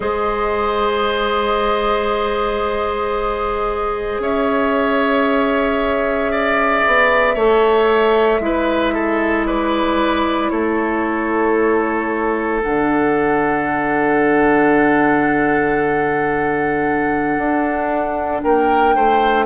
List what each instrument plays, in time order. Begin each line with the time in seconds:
0.00 bassoon G#3, clarinet G#4, oboe C5, flute D#5
4.19 bassoon C#4, oboe C#5, flute E5
6.31 oboe D5
6.86 bassoon B3
7.34 bassoon A3, clarinet A4, oboe C#5
8.39 bassoon G#3, clarinet E4, oboe B4
8.93 oboe A4
9.46 oboe B4, flute D5
10.49 bassoon A3, oboe A4, flute C#5
12.62 bassoon D3, clarinet D4, flute F#5
17.37 bassoon D4
18.42 bassoon A#3, oboe A#4, flute G5
18.95 bassoon A3, oboe C5